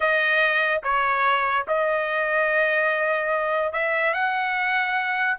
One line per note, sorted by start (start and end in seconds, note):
0.00 0.81 D#5
0.83 1.66 C#5
1.67 3.72 D#5
3.72 4.13 E5
4.13 5.37 F#5